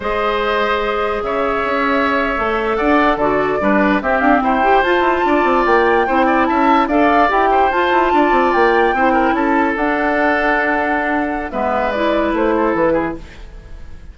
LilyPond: <<
  \new Staff \with { instrumentName = "flute" } { \time 4/4 \tempo 4 = 146 dis''2. e''4~ | e''2~ e''8. fis''4 d''16~ | d''4.~ d''16 e''8 f''8 g''4 a''16~ | a''4.~ a''16 g''2 a''16~ |
a''8. f''4 g''4 a''4~ a''16~ | a''8. g''2 a''4 fis''16~ | fis''1 | e''4 d''4 c''4 b'4 | }
  \new Staff \with { instrumentName = "oboe" } { \time 4/4 c''2. cis''4~ | cis''2~ cis''8. d''4 a'16~ | a'8. b'4 g'4 c''4~ c''16~ | c''8. d''2 c''8 d''8 e''16~ |
e''8. d''4. c''4. d''16~ | d''4.~ d''16 c''8 ais'8 a'4~ a'16~ | a'1 | b'2~ b'8 a'4 gis'8 | }
  \new Staff \with { instrumentName = "clarinet" } { \time 4/4 gis'1~ | gis'4.~ gis'16 a'2 fis'16~ | fis'8. d'4 c'4. g'8 f'16~ | f'2~ f'8. e'4~ e'16~ |
e'8. a'4 g'4 f'4~ f'16~ | f'4.~ f'16 e'2 d'16~ | d'1 | b4 e'2. | }
  \new Staff \with { instrumentName = "bassoon" } { \time 4/4 gis2. cis4 | cis'4.~ cis'16 a4 d'4 d16~ | d8. g4 c'8 d'8 e'4 f'16~ | f'16 e'8 d'8 c'8 ais4 c'4 cis'16~ |
cis'8. d'4 e'4 f'8 e'8 d'16~ | d'16 c'8 ais4 c'4 cis'4 d'16~ | d'1 | gis2 a4 e4 | }
>>